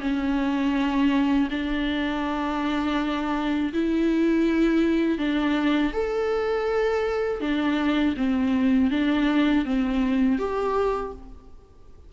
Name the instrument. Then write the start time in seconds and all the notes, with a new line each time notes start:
viola
0.00 C#4
1.50 D4
3.73 E4
5.18 D4
5.93 A4
7.40 D4
8.16 C4
8.91 D4
9.65 C4
10.38 G4